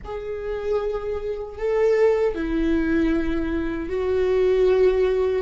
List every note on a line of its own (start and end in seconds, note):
0.04 1.58 G#4
1.58 2.34 A4
2.34 3.89 E4
3.89 5.42 F#4